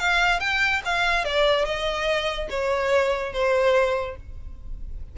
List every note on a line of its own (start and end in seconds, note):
0.00 0.41 F5
0.41 0.82 G5
0.85 1.25 F5
1.25 1.66 D5
1.66 2.49 D#5
2.50 3.34 C#5
3.34 4.17 C5